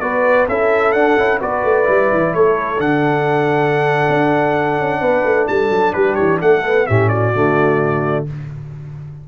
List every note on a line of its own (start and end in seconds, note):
0.00 0.47 B3
0.00 0.47 F#4
0.00 0.49 B4
0.00 0.47 D5
0.48 0.94 C#4
0.48 0.95 E4
0.48 1.40 A4
0.48 0.92 E5
0.92 1.17 D4
0.92 1.38 F#5
1.17 1.41 C#4
1.17 1.40 E4
1.40 1.64 B3
1.40 1.84 F#4
1.40 2.33 B4
1.40 2.34 D5
1.64 1.87 A3
1.84 2.12 G3
1.84 2.77 E4
2.12 2.34 E3
2.34 2.80 A3
2.34 5.01 A4
2.34 2.80 C#5
2.78 4.07 D3
2.78 6.62 D4
2.78 5.47 F#5
4.09 4.78 D4
4.78 5.01 C#4
5.01 5.24 B3
5.01 5.47 B4
5.25 5.48 A3
5.47 5.69 G3
5.47 5.94 A4
5.47 5.93 A5
5.69 5.93 F#3
5.93 6.18 G3
5.93 6.41 G4
5.93 6.15 B4
6.15 6.41 E3
6.15 6.38 C#5
6.41 6.88 A3
6.41 6.88 A4
6.41 6.87 F#5
6.65 6.88 B3
6.87 7.35 A2
6.87 7.34 C#4
6.87 7.10 G4
6.87 7.09 E5
7.09 8.26 F#4
7.09 8.25 D5
7.34 8.28 D3
7.34 8.27 A3